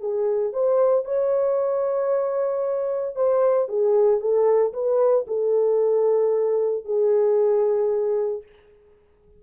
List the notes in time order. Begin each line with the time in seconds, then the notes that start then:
0.00 G#4
0.53 C5
1.05 C#5
3.16 C5
3.68 G#4
4.20 A4
4.73 B4
5.27 A4
6.85 G#4